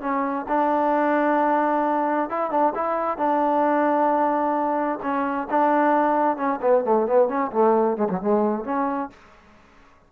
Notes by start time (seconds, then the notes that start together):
0.00 C#4
0.48 D4
2.29 E4
2.50 D4
2.74 E4
3.17 D4
5.02 C#4
5.50 D4
6.36 C#4
6.61 B3
6.84 A3
7.06 B3
7.28 C#4
7.52 A3
7.97 G#3
8.09 F#3
8.20 G#3
8.64 C#4